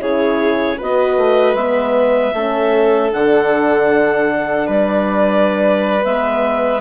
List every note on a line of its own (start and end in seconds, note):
0.00 0.79 C#3
0.00 0.78 E4
0.00 0.78 G#4
0.00 0.79 C#5
0.78 1.18 B3
0.78 1.58 F#4
0.78 2.34 B4
0.78 1.56 D#5
1.18 1.54 A3
1.54 2.32 G#3
1.54 2.35 B3
1.54 3.12 E5
2.34 3.12 A3
2.34 3.12 C#4
2.34 4.67 A4
3.12 4.68 D3
3.12 6.04 D4
3.12 4.69 F#5
4.67 6.04 G3
4.67 6.81 B4
4.67 6.04 D5
6.04 6.81 G#3
6.04 6.81 B3
6.04 6.81 E5